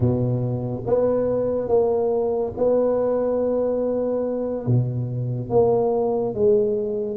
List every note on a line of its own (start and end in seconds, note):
0.00 0.83 B2
0.86 1.68 B3
1.68 2.52 A#3
2.57 4.66 B3
4.66 5.49 B2
5.49 6.34 A#3
6.34 7.16 G#3